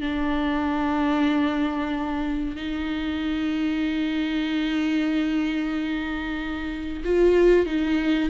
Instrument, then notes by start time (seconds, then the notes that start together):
viola
0.00 D4
2.55 D#4
7.04 F4
7.66 D#4